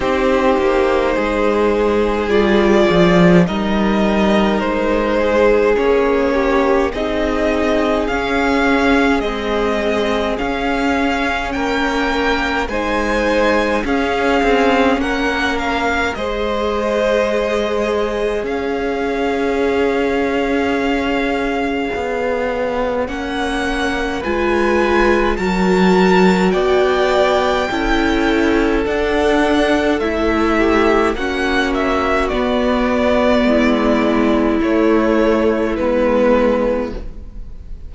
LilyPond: <<
  \new Staff \with { instrumentName = "violin" } { \time 4/4 \tempo 4 = 52 c''2 d''4 dis''4 | c''4 cis''4 dis''4 f''4 | dis''4 f''4 g''4 gis''4 | f''4 fis''8 f''8 dis''2 |
f''1 | fis''4 gis''4 a''4 g''4~ | g''4 fis''4 e''4 fis''8 e''8 | d''2 cis''4 b'4 | }
  \new Staff \with { instrumentName = "violin" } { \time 4/4 g'4 gis'2 ais'4~ | ais'8 gis'4 g'8 gis'2~ | gis'2 ais'4 c''4 | gis'4 ais'4 c''2 |
cis''1~ | cis''4 b'4 ais'4 d''4 | a'2~ a'8 g'8 fis'4~ | fis'4 e'2. | }
  \new Staff \with { instrumentName = "viola" } { \time 4/4 dis'2 f'4 dis'4~ | dis'4 cis'4 dis'4 cis'4 | gis4 cis'2 dis'4 | cis'2 gis'2~ |
gis'1 | cis'4 f'4 fis'2 | e'4 d'4 e'4 cis'4 | b2 a4 b4 | }
  \new Staff \with { instrumentName = "cello" } { \time 4/4 c'8 ais8 gis4 g8 f8 g4 | gis4 ais4 c'4 cis'4 | c'4 cis'4 ais4 gis4 | cis'8 c'8 ais4 gis2 |
cis'2. b4 | ais4 gis4 fis4 b4 | cis'4 d'4 a4 ais4 | b4 gis4 a4 gis4 | }
>>